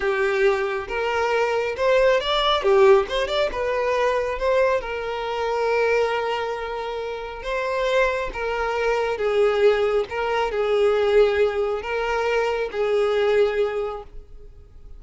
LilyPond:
\new Staff \with { instrumentName = "violin" } { \time 4/4 \tempo 4 = 137 g'2 ais'2 | c''4 d''4 g'4 c''8 d''8 | b'2 c''4 ais'4~ | ais'1~ |
ais'4 c''2 ais'4~ | ais'4 gis'2 ais'4 | gis'2. ais'4~ | ais'4 gis'2. | }